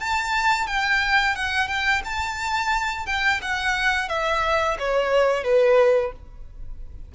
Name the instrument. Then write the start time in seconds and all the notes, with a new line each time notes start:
violin
0.00 A5
0.67 G5
1.35 F#5
1.68 G5
2.05 A5
3.07 G5
3.42 F#5
4.09 E5
4.79 C#5
5.44 B4